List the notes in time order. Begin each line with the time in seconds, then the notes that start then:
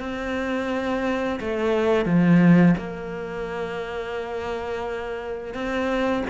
0.00 C4
1.40 A3
2.05 F3
2.77 A#3
5.54 C4